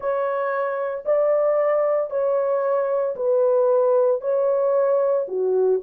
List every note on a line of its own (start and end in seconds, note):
0.00 1.04 C#5
1.05 2.10 D5
2.10 3.15 C#5
3.16 4.21 B4
4.21 5.26 C#5
5.28 5.80 F#4